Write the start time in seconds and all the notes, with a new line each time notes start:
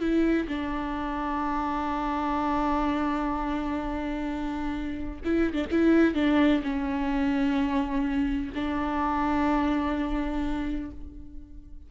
0.00 E4
0.48 D4
5.24 E4
5.54 D4
5.71 E4
6.15 D4
6.63 C#4
8.55 D4